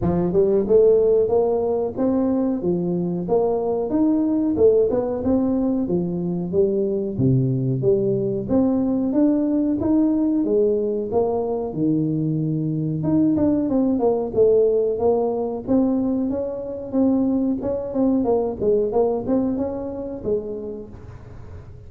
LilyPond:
\new Staff \with { instrumentName = "tuba" } { \time 4/4 \tempo 4 = 92 f8 g8 a4 ais4 c'4 | f4 ais4 dis'4 a8 b8 | c'4 f4 g4 c4 | g4 c'4 d'4 dis'4 |
gis4 ais4 dis2 | dis'8 d'8 c'8 ais8 a4 ais4 | c'4 cis'4 c'4 cis'8 c'8 | ais8 gis8 ais8 c'8 cis'4 gis4 | }